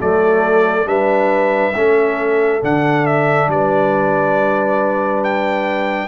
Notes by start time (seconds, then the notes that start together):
0.00 F#3 A3 A4 D5
0.86 G3 D4 B4 E5
1.75 A3 C#4 A4
2.61 D3 D4 F#5
3.06 E5
3.48 G3 B4 D5
5.24 G5